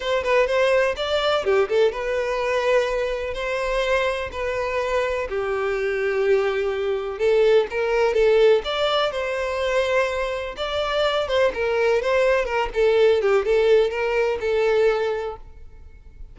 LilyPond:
\new Staff \with { instrumentName = "violin" } { \time 4/4 \tempo 4 = 125 c''8 b'8 c''4 d''4 g'8 a'8 | b'2. c''4~ | c''4 b'2 g'4~ | g'2. a'4 |
ais'4 a'4 d''4 c''4~ | c''2 d''4. c''8 | ais'4 c''4 ais'8 a'4 g'8 | a'4 ais'4 a'2 | }